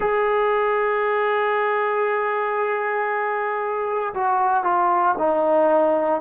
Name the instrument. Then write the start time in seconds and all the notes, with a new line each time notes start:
trombone
0.00 G#4
4.14 F#4
4.63 F4
5.18 D#4